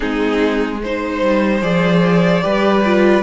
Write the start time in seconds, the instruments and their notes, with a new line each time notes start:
0.00 cello G#3, viola C4, violin D#4 G#4
0.82 viola D#4, violin C5
1.21 cello G3
1.61 cello F3, viola G#4, violin D5
2.42 cello G3, viola G4, violin B4
2.85 viola F4